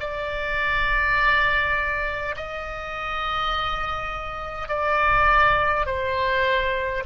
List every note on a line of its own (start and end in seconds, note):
0.00 2.35 D5
2.36 4.68 D#5
4.68 5.86 D5
5.86 7.04 C5